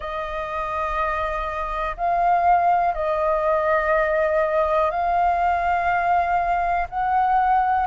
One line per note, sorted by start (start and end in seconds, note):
0.00 1.96 D#5
1.97 2.94 F5
2.94 4.90 D#5
4.90 6.87 F5
6.89 7.86 F#5